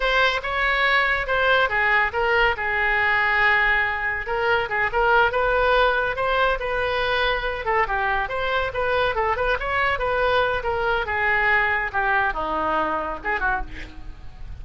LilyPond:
\new Staff \with { instrumentName = "oboe" } { \time 4/4 \tempo 4 = 141 c''4 cis''2 c''4 | gis'4 ais'4 gis'2~ | gis'2 ais'4 gis'8 ais'8~ | ais'8 b'2 c''4 b'8~ |
b'2 a'8 g'4 c''8~ | c''8 b'4 a'8 b'8 cis''4 b'8~ | b'4 ais'4 gis'2 | g'4 dis'2 gis'8 fis'8 | }